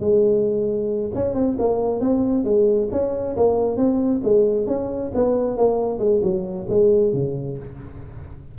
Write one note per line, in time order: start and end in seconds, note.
0.00 1.11 G#3
1.15 1.34 C#4
1.34 1.57 C4
1.59 2.00 A#3
2.00 2.44 C4
2.44 2.89 G#3
2.92 3.36 C#4
3.37 3.77 A#3
3.77 4.21 C4
4.23 4.67 G#3
4.67 5.11 C#4
5.14 5.57 B3
5.57 5.99 A#3
5.99 6.21 G#3
6.23 6.67 F#3
6.69 7.13 G#3
7.13 7.58 C#3